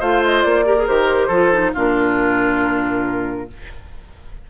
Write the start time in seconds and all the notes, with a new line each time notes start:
0.00 A3 F4 C5 F5
0.24 D#5
0.43 A#3 D5
0.65 G4 A#4
0.78 G#4
0.87 D#3 G4 C5
1.28 F3 F4 A4
1.53 D#4
1.75 A#2 D4 F4 A#4